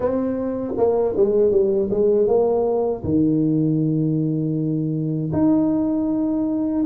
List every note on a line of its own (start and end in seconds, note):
0.00 0.74 C4
0.77 1.15 A#3
1.16 1.51 G#3
1.51 1.89 G3
1.90 2.27 G#3
2.27 3.03 A#3
3.03 5.31 D#3
5.32 6.84 D#4